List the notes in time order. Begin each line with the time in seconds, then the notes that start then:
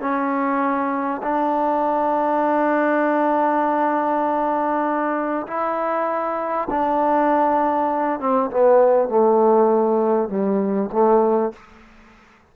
0.00 C#4
1.22 D4
5.47 E4
6.70 D4
8.20 C4
8.50 B3
9.09 A3
10.29 G3
10.92 A3